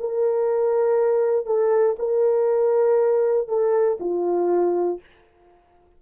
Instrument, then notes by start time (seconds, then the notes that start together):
horn
0.00 A#4
1.46 A4
1.99 A#4
3.48 A4
4.00 F4